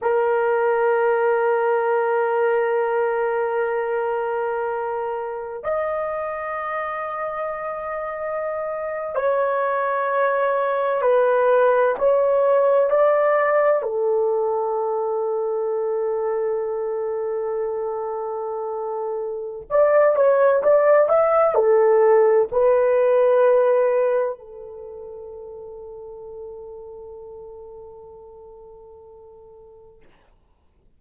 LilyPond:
\new Staff \with { instrumentName = "horn" } { \time 4/4 \tempo 4 = 64 ais'1~ | ais'2 dis''2~ | dis''4.~ dis''16 cis''2 b'16~ | b'8. cis''4 d''4 a'4~ a'16~ |
a'1~ | a'4 d''8 cis''8 d''8 e''8 a'4 | b'2 a'2~ | a'1 | }